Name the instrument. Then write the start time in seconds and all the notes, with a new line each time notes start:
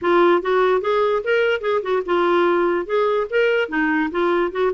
clarinet
0.01 F4
0.42 F#4
0.81 G#4
1.23 A#4
1.60 G#4
1.82 F#4
2.05 F4
2.86 G#4
3.30 A#4
3.68 D#4
4.11 F4
4.51 F#4